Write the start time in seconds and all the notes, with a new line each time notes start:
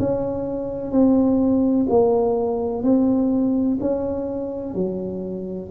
0.00 C#4
0.91 C4
1.89 A#3
2.83 C4
3.81 C#4
4.75 F#3